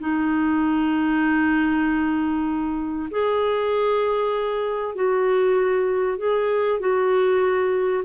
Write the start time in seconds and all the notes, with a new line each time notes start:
0.00 D#4
3.11 G#4
4.95 F#4
6.18 G#4
6.80 F#4